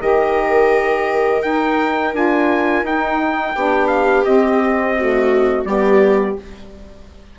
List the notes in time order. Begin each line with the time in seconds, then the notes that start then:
0.00 D#3 G4 A#4 D#5
1.43 D#4 G5
2.14 D4 F4 G#5
2.83 D#4 G5
3.55 B3 D4 G4
3.88 F5
4.25 C4 D#5
4.98 A3 F#4
5.65 G3 B3 G4 D5